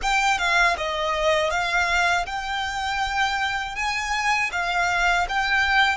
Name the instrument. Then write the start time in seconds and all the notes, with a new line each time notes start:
violin
0.02 G5
0.38 F5
0.77 D#5
1.50 F5
2.26 G5
3.75 G#5
4.52 F5
5.29 G5